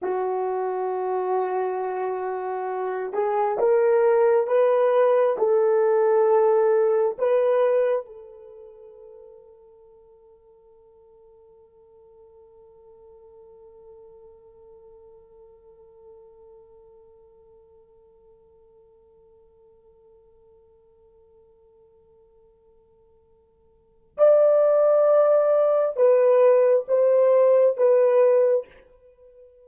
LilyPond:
\new Staff \with { instrumentName = "horn" } { \time 4/4 \tempo 4 = 67 fis'2.~ fis'8 gis'8 | ais'4 b'4 a'2 | b'4 a'2.~ | a'1~ |
a'1~ | a'1~ | a'2. d''4~ | d''4 b'4 c''4 b'4 | }